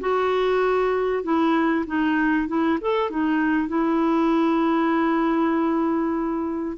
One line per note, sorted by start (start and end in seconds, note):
0.00 1.23 F#4
1.23 1.85 E4
1.86 2.48 D#4
2.48 2.79 E4
2.81 3.10 A4
3.10 3.68 D#4
3.68 6.77 E4